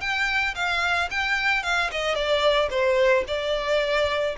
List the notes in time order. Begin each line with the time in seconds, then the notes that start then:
0.00 G5
0.55 F5
1.10 G5
1.63 F5
1.91 D#5
2.14 D5
2.70 C5
3.27 D5